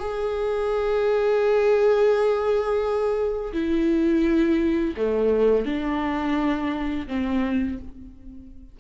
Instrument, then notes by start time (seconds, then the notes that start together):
viola
0.00 G#4
3.53 E4
4.97 A3
5.66 D4
7.08 C4